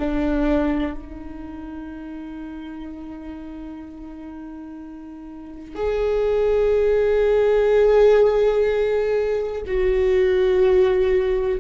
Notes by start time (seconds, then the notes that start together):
0.00 D4
0.94 D#4
5.76 G#4
9.67 F#4